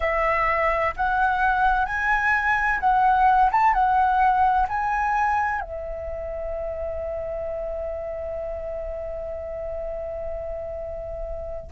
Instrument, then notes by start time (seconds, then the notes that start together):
flute
0.00 E5
0.96 F#5
1.85 G#5
2.80 F#5
3.52 A5
3.73 F#5
4.68 G#5
5.60 E5